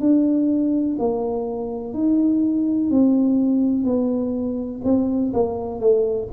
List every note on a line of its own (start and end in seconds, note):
0.00 0.97 D4
0.99 1.94 A#3
1.94 2.91 D#4
2.91 3.84 C4
3.84 4.81 B3
4.84 5.32 C4
5.34 5.80 A#3
5.80 6.28 A3